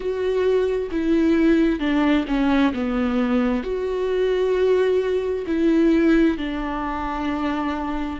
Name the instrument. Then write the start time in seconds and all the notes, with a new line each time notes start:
viola
0.00 F#4
0.91 E4
1.79 D4
2.27 C#4
2.73 B3
3.63 F#4
5.46 E4
6.37 D4